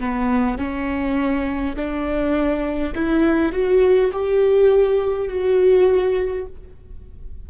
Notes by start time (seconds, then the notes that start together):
0.00 B3
0.59 C#4
1.76 D4
2.95 E4
3.53 F#4
4.13 G4
5.29 F#4